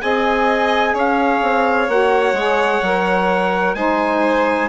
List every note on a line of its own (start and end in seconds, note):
0.00 0.94 C4
0.00 1.88 G#4
0.00 0.93 D#5
0.00 0.95 G#5
0.93 1.41 C#4
0.93 3.75 C#5
0.93 1.89 F5
1.42 1.88 C4
1.88 2.32 A#3
1.88 2.35 F#4
1.88 3.74 F#5
2.32 2.79 G#3
2.32 2.83 G#4
2.81 3.74 F#3
2.81 3.76 A#4
3.74 4.68 G#3
3.74 4.68 D#4
3.74 4.68 C5
3.74 4.68 G#5